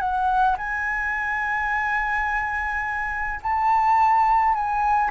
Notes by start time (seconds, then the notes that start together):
0.00 F#5
0.58 G#5
3.43 A5
4.54 G#5